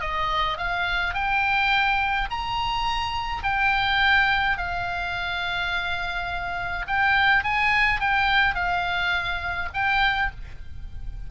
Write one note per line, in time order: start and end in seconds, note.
0.00 0.57 D#5
0.57 1.14 F5
1.14 2.28 G5
2.30 3.43 A#5
3.43 4.57 G5
4.57 6.86 F5
6.87 7.43 G5
7.43 8.00 G#5
8.00 8.54 G5
8.54 9.69 F5
9.73 10.30 G5